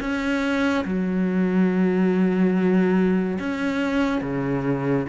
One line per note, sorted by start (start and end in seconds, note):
0.00 0.85 C#4
0.85 3.38 F#3
3.39 4.21 C#4
4.21 5.06 C#3